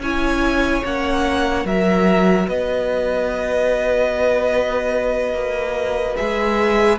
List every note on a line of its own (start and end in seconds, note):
0.00 0.82 C#4
0.00 0.84 E4
0.00 1.66 C#5
0.00 0.84 G#5
0.84 1.65 A#3
0.84 1.66 C#4
0.84 1.67 F#5
1.65 2.47 F#3
1.65 6.17 F#4
1.65 2.48 A#4
1.65 2.49 E5
2.48 5.33 B3
2.48 6.99 B4
2.48 6.17 D#5
5.33 6.16 A#3
6.17 6.99 G#3
6.17 6.99 G#4
6.17 6.99 E5